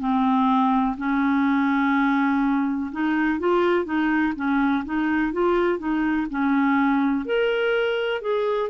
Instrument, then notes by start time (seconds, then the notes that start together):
clarinet
0.00 C4
0.98 C#4
2.92 D#4
3.40 F4
3.85 D#4
4.36 C#4
4.86 D#4
5.33 F4
5.79 D#4
6.31 C#4
7.26 A#4
8.22 G#4